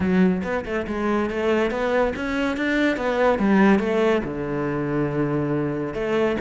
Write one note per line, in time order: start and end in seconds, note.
0.00 0.42 F#3
0.43 0.64 B3
0.65 0.86 A3
0.87 1.29 G#3
1.29 1.70 A3
1.70 2.13 B3
2.15 2.56 C#4
2.56 2.96 D4
2.96 3.38 B3
3.38 3.79 G3
3.79 4.21 A3
4.23 5.94 D3
5.94 6.36 A3